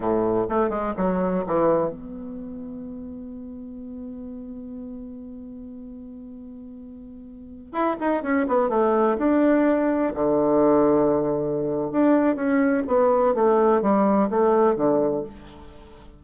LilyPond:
\new Staff \with { instrumentName = "bassoon" } { \time 4/4 \tempo 4 = 126 a,4 a8 gis8 fis4 e4 | b1~ | b1~ | b1~ |
b16 e'8 dis'8 cis'8 b8 a4 d'8.~ | d'4~ d'16 d2~ d8.~ | d4 d'4 cis'4 b4 | a4 g4 a4 d4 | }